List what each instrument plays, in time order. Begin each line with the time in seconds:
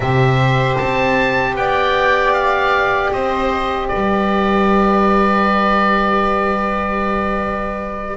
0.00 double bass C3, saxophone G4, viola C5, oboe E5
0.77 double bass C4, oboe A5
1.55 double bass B3, viola D5, oboe G5
2.33 oboe F5
3.11 double bass C4, viola C5, oboe D#5
3.88 viola B4, oboe D5
3.94 double bass G3